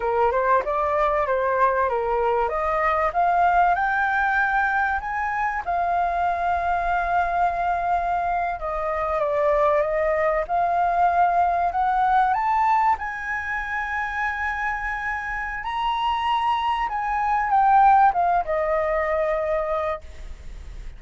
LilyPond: \new Staff \with { instrumentName = "flute" } { \time 4/4 \tempo 4 = 96 ais'8 c''8 d''4 c''4 ais'4 | dis''4 f''4 g''2 | gis''4 f''2.~ | f''4.~ f''16 dis''4 d''4 dis''16~ |
dis''8. f''2 fis''4 a''16~ | a''8. gis''2.~ gis''16~ | gis''4 ais''2 gis''4 | g''4 f''8 dis''2~ dis''8 | }